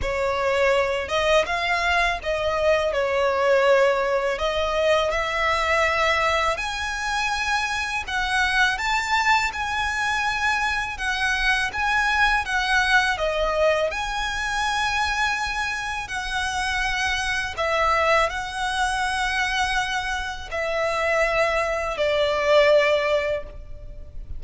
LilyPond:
\new Staff \with { instrumentName = "violin" } { \time 4/4 \tempo 4 = 82 cis''4. dis''8 f''4 dis''4 | cis''2 dis''4 e''4~ | e''4 gis''2 fis''4 | a''4 gis''2 fis''4 |
gis''4 fis''4 dis''4 gis''4~ | gis''2 fis''2 | e''4 fis''2. | e''2 d''2 | }